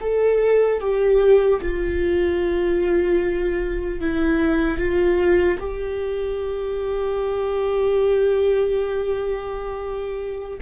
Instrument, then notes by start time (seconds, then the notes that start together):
viola
0.00 A4
0.80 G4
1.61 F4
4.00 E4
4.78 F4
5.59 G4